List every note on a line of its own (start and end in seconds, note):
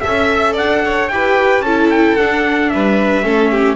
0.00 0.57 C#4
0.00 1.10 A4
0.00 0.54 E5
0.00 0.53 E5
0.53 1.10 D4
0.53 0.80 D5
0.53 1.08 F#5
0.85 1.12 C#5
1.08 1.59 E4
1.08 1.65 G4
1.08 1.61 G5
1.14 1.65 B4
1.59 2.13 C#4
1.59 2.72 A4
1.59 1.88 A5
1.66 2.19 E4
1.90 2.16 G5
2.16 2.72 D4
2.16 3.23 D4
2.16 2.69 F#5
2.69 3.23 G3
2.69 3.24 B4
2.69 3.76 E5
3.23 3.76 A3
3.23 3.76 C#4
3.23 3.51 A4
3.51 3.76 G4